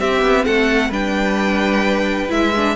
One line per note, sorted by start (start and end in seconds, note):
0.00 0.22 C4
0.00 0.92 C4
0.00 0.45 G4
0.00 0.45 E5
0.22 0.45 B3
0.45 0.90 A3
0.45 0.89 A4
0.45 0.91 F#5
0.89 2.30 G3
0.89 2.29 D4
0.89 2.75 B4
0.89 2.31 G5
2.29 2.76 G#3
2.29 2.52 E4
2.29 2.76 E5
2.56 2.76 D4